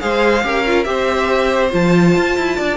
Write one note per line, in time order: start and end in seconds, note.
0.00 0.44 G#3
0.00 0.43 G#4
0.00 0.45 C5
0.00 0.84 F5
0.44 0.87 C#4
0.44 0.65 G4
0.44 0.88 A#4
0.67 0.85 F4
0.84 1.72 C4
0.84 1.70 G4
0.84 2.56 C5
0.84 1.69 E5
1.70 2.16 F3
1.70 2.77 F4
1.70 2.77 A5
2.16 2.37 F4
2.38 2.59 E4
2.56 2.77 D4
2.56 2.77 D5